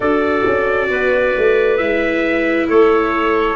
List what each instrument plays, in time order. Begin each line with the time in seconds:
0.00 tuba D4, viola F#4, clarinet A4, trumpet D5
0.46 tuba C#4
0.89 tuba B3, clarinet B4
1.37 tuba A3
1.77 tuba G#3, viola E4, trumpet E5
2.68 tuba A3, clarinet A4, trumpet C#5